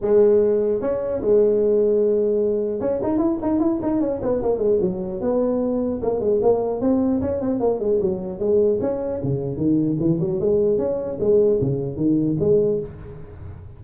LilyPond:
\new Staff \with { instrumentName = "tuba" } { \time 4/4 \tempo 4 = 150 gis2 cis'4 gis4~ | gis2. cis'8 dis'8 | e'8 dis'8 e'8 dis'8 cis'8 b8 ais8 gis8 | fis4 b2 ais8 gis8 |
ais4 c'4 cis'8 c'8 ais8 gis8 | fis4 gis4 cis'4 cis4 | dis4 e8 fis8 gis4 cis'4 | gis4 cis4 dis4 gis4 | }